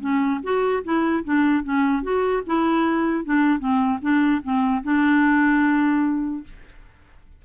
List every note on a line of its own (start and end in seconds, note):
0.00 0.40 C#4
0.43 0.83 F#4
0.83 1.23 E4
1.24 1.63 D4
1.63 2.02 C#4
2.02 2.42 F#4
2.46 3.24 E4
3.24 3.59 D4
3.59 3.99 C4
4.01 4.41 D4
4.43 4.83 C4
4.83 6.43 D4